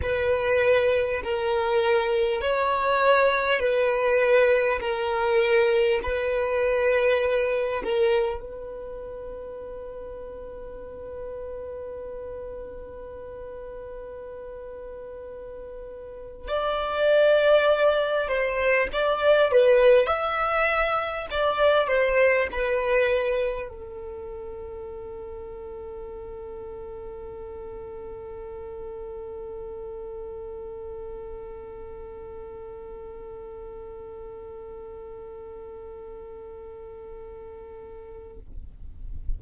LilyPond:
\new Staff \with { instrumentName = "violin" } { \time 4/4 \tempo 4 = 50 b'4 ais'4 cis''4 b'4 | ais'4 b'4. ais'8 b'4~ | b'1~ | b'4.~ b'16 d''4. c''8 d''16~ |
d''16 b'8 e''4 d''8 c''8 b'4 a'16~ | a'1~ | a'1~ | a'1 | }